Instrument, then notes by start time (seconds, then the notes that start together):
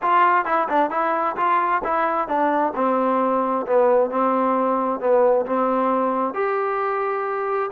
trombone
0.01 F4
0.45 E4
0.68 D4
0.90 E4
1.36 F4
1.83 E4
2.27 D4
2.75 C4
3.66 B3
4.10 C4
5.00 B3
5.45 C4
6.34 G4